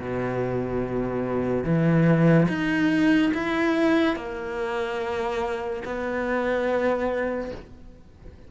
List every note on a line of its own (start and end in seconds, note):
0.00 1.64 B2
1.64 2.47 E3
2.49 3.32 D#4
3.34 4.16 E4
4.16 5.83 A#3
5.85 7.52 B3